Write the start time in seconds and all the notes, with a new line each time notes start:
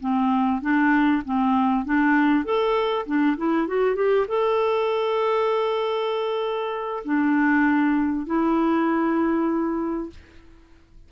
0.00 C4
0.61 D4
1.25 C4
1.85 D4
2.44 A4
3.06 D4
3.36 E4
3.67 F#4
3.95 G4
4.27 A4
7.04 D4
8.26 E4